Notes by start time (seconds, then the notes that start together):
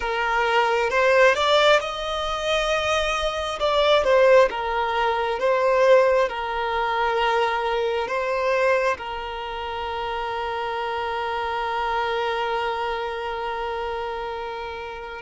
0.00 A#4
0.90 C5
1.34 D5
1.80 D#5
3.59 D5
4.03 C5
4.49 A#4
5.39 C5
6.28 A#4
8.07 C5
8.97 A#4